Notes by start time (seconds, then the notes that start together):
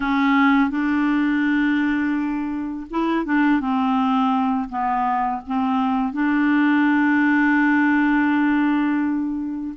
0.00 C#4
0.70 D4
2.90 E4
3.25 D4
3.60 C4
4.69 B3
5.46 C4
6.12 D4